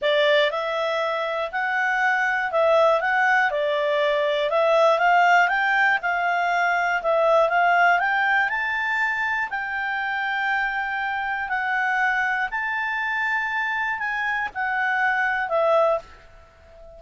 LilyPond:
\new Staff \with { instrumentName = "clarinet" } { \time 4/4 \tempo 4 = 120 d''4 e''2 fis''4~ | fis''4 e''4 fis''4 d''4~ | d''4 e''4 f''4 g''4 | f''2 e''4 f''4 |
g''4 a''2 g''4~ | g''2. fis''4~ | fis''4 a''2. | gis''4 fis''2 e''4 | }